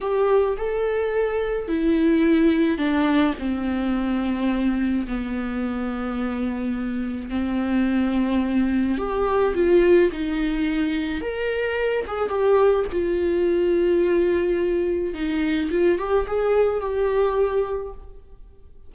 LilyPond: \new Staff \with { instrumentName = "viola" } { \time 4/4 \tempo 4 = 107 g'4 a'2 e'4~ | e'4 d'4 c'2~ | c'4 b2.~ | b4 c'2. |
g'4 f'4 dis'2 | ais'4. gis'8 g'4 f'4~ | f'2. dis'4 | f'8 g'8 gis'4 g'2 | }